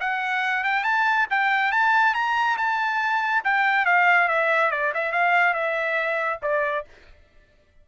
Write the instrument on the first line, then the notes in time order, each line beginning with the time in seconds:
trumpet
0.00 F#5
0.64 G5
0.84 A5
1.30 G5
1.71 A5
2.14 A#5
2.57 A5
3.44 G5
3.85 F5
4.28 E5
4.71 D5
4.94 E5
5.12 F5
5.53 E5
6.42 D5